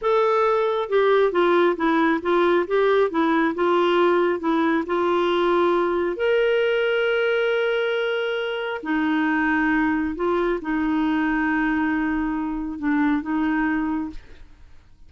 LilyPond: \new Staff \with { instrumentName = "clarinet" } { \time 4/4 \tempo 4 = 136 a'2 g'4 f'4 | e'4 f'4 g'4 e'4 | f'2 e'4 f'4~ | f'2 ais'2~ |
ais'1 | dis'2. f'4 | dis'1~ | dis'4 d'4 dis'2 | }